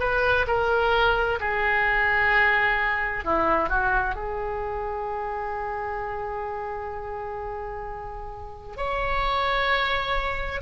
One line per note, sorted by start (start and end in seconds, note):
0.00 0.46 B4
0.47 1.40 A#4
1.41 3.25 G#4
3.25 3.70 E4
3.70 4.16 F#4
4.16 8.77 G#4
8.77 10.62 C#5